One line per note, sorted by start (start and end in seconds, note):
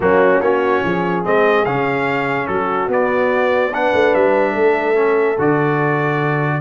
0.00 0.40 F#3
0.00 0.40 A#3
0.00 0.42 C#4
0.00 0.41 F#4
0.40 0.81 A#3
0.40 1.24 C#4
0.40 0.83 F#4
0.40 1.24 C#5
0.83 1.25 F3
0.83 2.49 G#4
1.24 1.66 G#3
1.24 1.65 C4
1.24 1.65 D#5
1.65 2.48 C#3
1.65 2.89 C#4
1.65 2.47 F5
2.47 2.87 F#3
2.47 3.73 F#4
2.47 2.88 A4
2.87 3.91 B3
2.87 3.71 B3
2.87 3.74 D5
3.73 4.94 D4
3.73 4.52 B4
3.73 4.14 F#5
3.93 4.14 A3
4.14 4.55 G3
4.14 5.38 E5
4.52 5.37 A3
4.52 6.59 A4
4.94 5.36 C#4
5.38 6.60 D3
5.38 6.60 F#4
5.38 6.60 D5